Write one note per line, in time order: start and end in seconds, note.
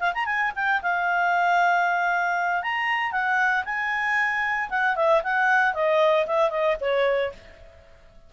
0.00 0.13 F5
0.14 0.26 A#5
0.26 0.52 G#5
0.55 0.82 G5
0.82 2.63 F5
2.63 3.12 A#5
3.12 3.64 F#5
3.65 4.70 G#5
4.70 4.96 F#5
4.96 5.22 E5
5.23 5.74 F#5
5.74 6.26 D#5
6.27 6.51 E5
6.51 6.77 D#5
6.81 7.33 C#5